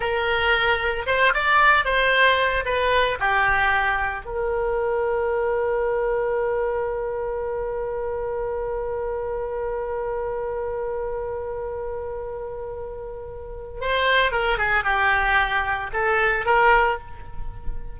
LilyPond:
\new Staff \with { instrumentName = "oboe" } { \time 4/4 \tempo 4 = 113 ais'2 c''8 d''4 c''8~ | c''4 b'4 g'2 | ais'1~ | ais'1~ |
ais'1~ | ais'1~ | ais'2 c''4 ais'8 gis'8 | g'2 a'4 ais'4 | }